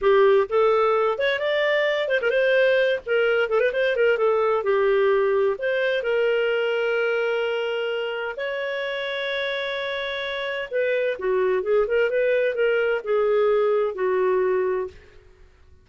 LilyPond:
\new Staff \with { instrumentName = "clarinet" } { \time 4/4 \tempo 4 = 129 g'4 a'4. cis''8 d''4~ | d''8 c''16 ais'16 c''4. ais'4 a'16 b'16 | c''8 ais'8 a'4 g'2 | c''4 ais'2.~ |
ais'2 cis''2~ | cis''2. b'4 | fis'4 gis'8 ais'8 b'4 ais'4 | gis'2 fis'2 | }